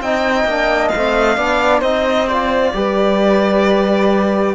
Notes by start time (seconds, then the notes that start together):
0.00 C4 D#4 D#5 G5
0.44 A#3 D4
0.88 C4 F5
0.95 A3
1.37 B3 D4 D5
1.80 C4 D#4 C5 D#5
2.28 F4 D5
2.73 G3 G4 B4